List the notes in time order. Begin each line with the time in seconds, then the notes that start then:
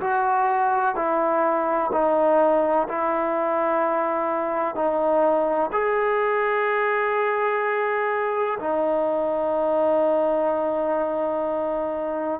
0.00 F#4
0.96 E4
1.92 D#4
2.88 E4
4.75 D#4
5.72 G#4
8.59 D#4